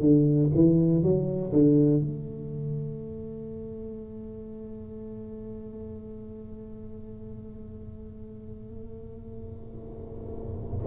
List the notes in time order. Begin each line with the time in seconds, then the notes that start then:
0.00 D3
0.54 E3
1.02 F#3
1.52 D3
2.01 A3